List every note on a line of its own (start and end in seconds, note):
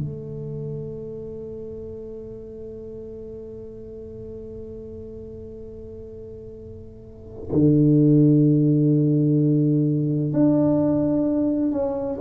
0.00 7.50 A3
7.53 10.33 D3
10.33 11.72 D4
11.72 12.19 C#4